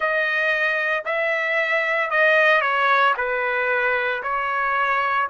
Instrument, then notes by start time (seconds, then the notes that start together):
trumpet
0.00 D#5
1.05 E5
2.10 D#5
2.61 C#5
3.17 B4
4.22 C#5